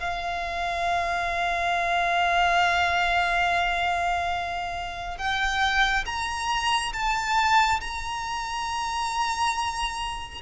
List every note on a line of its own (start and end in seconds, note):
0.00 5.18 F5
5.18 6.05 G5
6.06 6.93 A#5
6.94 7.81 A5
7.81 10.42 A#5